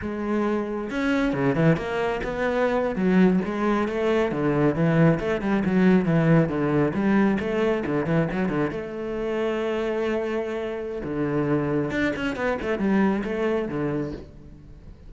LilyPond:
\new Staff \with { instrumentName = "cello" } { \time 4/4 \tempo 4 = 136 gis2 cis'4 cis8 e8 | ais4 b4.~ b16 fis4 gis16~ | gis8. a4 d4 e4 a16~ | a16 g8 fis4 e4 d4 g16~ |
g8. a4 d8 e8 fis8 d8 a16~ | a1~ | a4 d2 d'8 cis'8 | b8 a8 g4 a4 d4 | }